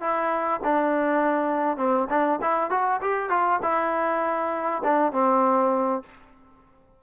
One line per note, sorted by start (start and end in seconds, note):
0.00 0.60 E4
0.64 1.77 D4
1.77 2.07 C4
2.09 2.39 D4
2.41 2.70 E4
2.70 3.00 F#4
3.01 3.29 G4
3.29 3.59 F4
3.62 4.82 E4
4.83 5.12 D4
5.12 6.02 C4